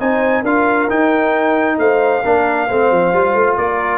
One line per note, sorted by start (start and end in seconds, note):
0.00 0.43 C4
0.00 0.45 D#4
0.00 0.42 C5
0.00 0.45 G#5
0.42 0.88 D4
0.42 0.89 F4
0.42 1.77 A#4
0.42 0.90 F5
0.89 2.24 D#4
0.89 1.78 D#4
0.89 1.79 G5
1.78 2.23 A3
1.78 2.24 C5
1.78 3.57 F5
2.24 2.70 A#3
2.24 2.69 D4
2.24 2.68 A#4
2.68 2.91 A3
2.68 3.14 C4
2.68 3.57 C5
2.91 3.13 F3
3.14 3.35 G3
3.14 3.98 F4
3.35 3.57 A3
3.57 3.98 A#3
3.57 3.98 A#4
3.57 3.98 D5